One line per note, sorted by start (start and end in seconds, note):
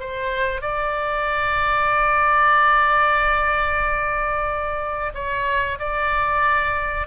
0.00 0.62 C5
0.62 5.13 D5
5.14 5.79 C#5
5.79 7.07 D5